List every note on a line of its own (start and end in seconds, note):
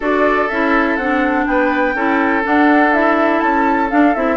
0.00 0.49 D4
0.00 0.49 F#4
0.00 1.44 A4
0.00 0.48 D5
0.48 0.97 C#4
0.48 1.00 E4
0.48 0.96 E5
0.96 1.46 C4
0.96 1.96 D4
0.96 1.45 F#5
1.46 1.94 B3
1.46 1.95 B4
1.46 2.44 G5
1.94 2.43 C#4
1.94 2.43 E4
1.94 4.37 A4
2.43 2.91 D4
2.43 3.42 D4
2.43 2.93 F#5
2.93 3.90 E4
2.93 3.39 E5
3.39 3.91 C#4
3.39 3.88 A5
3.90 4.14 D4
3.90 4.15 D4
3.90 4.14 F5
4.15 4.37 C4
4.15 4.37 E4
4.15 4.37 E5